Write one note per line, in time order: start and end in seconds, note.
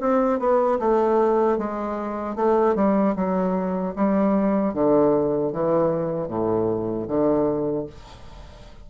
0.00 0.39 C4
0.39 0.78 B3
0.79 1.58 A3
1.58 2.35 G#3
2.35 2.75 A3
2.75 3.15 G3
3.15 3.94 F#3
3.95 4.73 G3
4.73 5.52 D3
5.52 6.28 E3
6.28 7.07 A2
7.07 7.86 D3